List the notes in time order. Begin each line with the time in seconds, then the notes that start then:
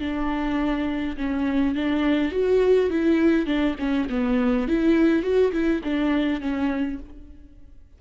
0.00 D4
1.17 C#4
1.75 D4
2.32 F#4
2.90 E4
3.46 D4
3.79 C#4
4.10 B3
4.68 E4
5.23 F#4
5.52 E4
5.84 D4
6.41 C#4